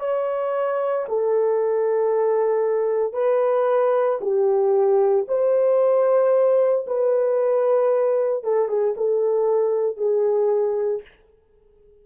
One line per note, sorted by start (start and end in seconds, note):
0.00 1.05 C#5
1.09 3.14 A4
3.14 4.19 B4
4.21 5.26 G4
5.28 6.86 C5
6.87 8.44 B4
8.44 8.68 A4
8.68 8.95 G#4
8.97 9.97 A4
9.97 11.02 G#4